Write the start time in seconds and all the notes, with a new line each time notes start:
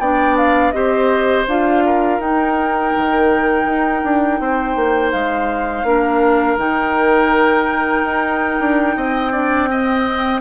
0.00 B3 D4 D5 G5
0.37 F5
0.72 C4 G4 C5 D#5
1.48 D4 F4 F5
1.86 A#4
2.19 D#4 G5
2.96 D#3
3.65 D#4
4.04 D4
4.40 C4 C5
4.76 A#3
5.12 G#3 F5
5.84 A#3 D4 A#4
6.57 D#3 D#4 G5
8.04 D#4
8.60 D4
8.97 C4 D#5
9.33 D4 D5
9.70 C4 D#5